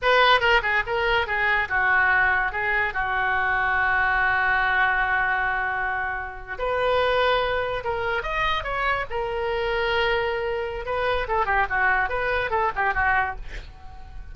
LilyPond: \new Staff \with { instrumentName = "oboe" } { \time 4/4 \tempo 4 = 144 b'4 ais'8 gis'8 ais'4 gis'4 | fis'2 gis'4 fis'4~ | fis'1~ | fis'2.~ fis'8. b'16~ |
b'2~ b'8. ais'4 dis''16~ | dis''8. cis''4 ais'2~ ais'16~ | ais'2 b'4 a'8 g'8 | fis'4 b'4 a'8 g'8 fis'4 | }